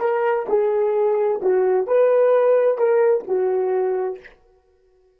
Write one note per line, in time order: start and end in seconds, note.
0.00 0.46 A#4
0.49 1.41 G#4
1.43 1.87 F#4
1.87 2.78 B4
2.78 3.24 A#4
3.28 4.20 F#4